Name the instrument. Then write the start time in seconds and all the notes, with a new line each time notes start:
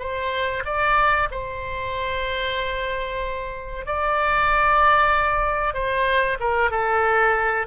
oboe
0.00 C5
0.65 D5
1.31 C5
3.86 D5
5.74 C5
6.40 A#4
6.71 A4